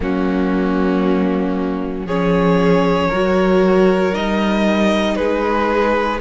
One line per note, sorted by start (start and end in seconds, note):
0.00 2.05 F#3
0.00 2.07 A#3
0.00 2.06 C#4
0.00 2.07 F#4
2.05 3.08 F3
2.05 3.12 C#4
2.05 3.08 G#4
2.05 4.14 C#5
3.08 4.15 F#3
3.08 4.13 F#4
3.08 5.15 A#4
4.13 5.17 G3
4.13 6.20 D#4
4.13 5.15 D#5
5.15 6.20 G#3
5.15 6.20 G#4
5.15 6.19 B4